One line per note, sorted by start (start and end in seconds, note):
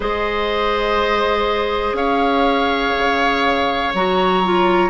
0.00 1.92 G#3
0.00 3.93 G#4
0.00 1.96 C5
0.00 1.95 D#5
1.92 2.91 C#4
1.92 4.90 C#5
1.92 3.92 F5
2.98 3.93 C#3
3.93 4.90 F#3
3.93 4.43 F#4
3.93 4.90 A#5
4.43 4.90 F4